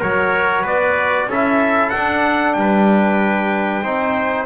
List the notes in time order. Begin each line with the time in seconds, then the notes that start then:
0.00 F#3 F#4 A#4 C#5
0.62 B3 B4 D5
1.27 C#4 E4 A4 E5
1.90 D4 F#5
2.54 G3 G5
2.60 B4
3.84 C4 D#4 C5